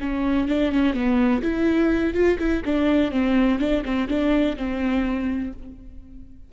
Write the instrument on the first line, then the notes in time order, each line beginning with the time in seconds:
viola
0.00 C#4
0.48 D4
0.72 C#4
0.93 B3
1.42 E4
2.13 F4
2.38 E4
2.65 D4
3.11 C4
3.59 D4
3.85 C4
4.08 D4
4.56 C4